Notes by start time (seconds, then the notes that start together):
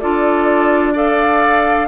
0.00 D4 F4 A4 D5
0.94 A4 D5 F5